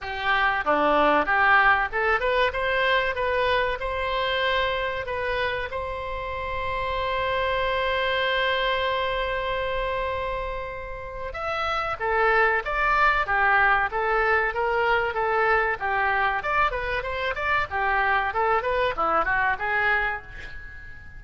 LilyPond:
\new Staff \with { instrumentName = "oboe" } { \time 4/4 \tempo 4 = 95 g'4 d'4 g'4 a'8 b'8 | c''4 b'4 c''2 | b'4 c''2.~ | c''1~ |
c''2 e''4 a'4 | d''4 g'4 a'4 ais'4 | a'4 g'4 d''8 b'8 c''8 d''8 | g'4 a'8 b'8 e'8 fis'8 gis'4 | }